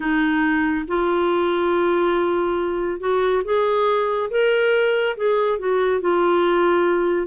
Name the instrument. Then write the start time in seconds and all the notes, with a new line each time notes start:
clarinet
0.00 D#4
0.87 F4
3.00 F#4
3.44 G#4
4.30 A#4
5.17 G#4
5.58 F#4
6.00 F4